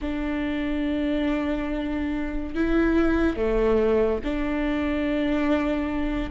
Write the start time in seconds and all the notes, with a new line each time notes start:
0.01 D4
2.54 E4
3.36 A3
4.24 D4